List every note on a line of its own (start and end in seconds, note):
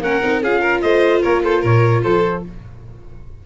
0.00 0.20 A#3
0.00 0.23 C#4
0.00 0.43 A#4
0.00 0.43 F#5
0.23 0.42 C4
0.23 0.43 D#4
0.42 0.82 C#4
0.42 2.47 F4
0.42 0.61 G#4
0.42 0.82 F5
0.61 0.81 A#4
0.82 1.23 A3
0.82 1.22 C5
0.82 1.22 D#5
1.22 1.64 A#3
1.22 1.42 A#4
1.22 1.43 C#5
1.44 1.62 A4
1.44 1.65 C5
1.62 2.04 A#2
1.62 2.02 A#4
1.62 2.04 C#5
2.03 2.45 F3
2.03 2.43 A4
2.03 2.44 C5